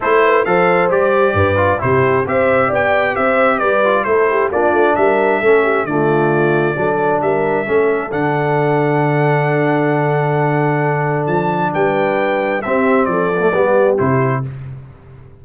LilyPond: <<
  \new Staff \with { instrumentName = "trumpet" } { \time 4/4 \tempo 4 = 133 c''4 f''4 d''2 | c''4 e''4 g''4 e''4 | d''4 c''4 d''4 e''4~ | e''4 d''2. |
e''2 fis''2~ | fis''1~ | fis''4 a''4 g''2 | e''4 d''2 c''4 | }
  \new Staff \with { instrumentName = "horn" } { \time 4/4 a'8 b'8 c''2 b'4 | g'4 c''4 d''4 c''4 | b'4 a'8 g'8 f'4 ais'4 | a'8 g'8 f'2 a'4 |
ais'4 a'2.~ | a'1~ | a'2 b'2 | g'4 a'4 g'2 | }
  \new Staff \with { instrumentName = "trombone" } { \time 4/4 e'4 a'4 g'4. f'8 | e'4 g'2.~ | g'8 f'8 e'4 d'2 | cis'4 a2 d'4~ |
d'4 cis'4 d'2~ | d'1~ | d'1 | c'4. b16 a16 b4 e'4 | }
  \new Staff \with { instrumentName = "tuba" } { \time 4/4 a4 f4 g4 g,4 | c4 c'4 b4 c'4 | g4 a4 ais8 a8 g4 | a4 d2 fis4 |
g4 a4 d2~ | d1~ | d4 f4 g2 | c'4 f4 g4 c4 | }
>>